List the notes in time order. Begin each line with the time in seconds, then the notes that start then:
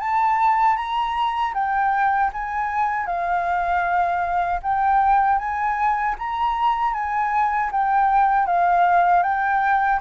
0.00 A5
0.77 A#5
1.54 G5
2.33 G#5
3.06 F5
4.63 G5
5.38 G#5
6.19 A#5
6.94 G#5
7.72 G5
8.47 F5
9.23 G5